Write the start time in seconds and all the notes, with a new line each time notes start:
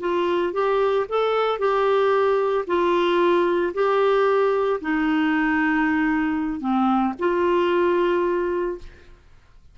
0.00 F4
0.53 G4
1.08 A4
1.58 G4
2.67 F4
3.74 G4
4.81 D#4
6.60 C4
7.19 F4